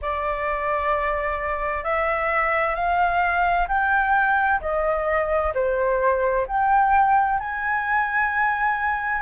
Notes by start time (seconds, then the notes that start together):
0.01 D5
1.84 E5
2.75 F5
3.68 G5
4.61 D#5
5.54 C5
6.47 G5
7.39 G#5